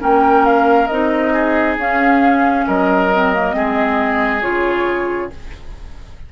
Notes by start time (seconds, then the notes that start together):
0.00 A#3 C#4 A#4 G5
0.46 F5
0.88 C4 D#4 D#5
1.33 G#4
1.78 C#4 F5
2.68 F#3 A#4 D#5
3.13 C4
3.34 A#3
3.53 G#3 C4 G#4
4.42 C#3 F4 C#5